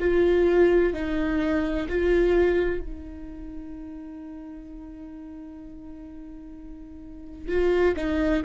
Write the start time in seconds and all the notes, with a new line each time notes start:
0.00 F4
0.93 D#4
1.88 F4
2.80 D#4
7.48 F4
7.96 D#4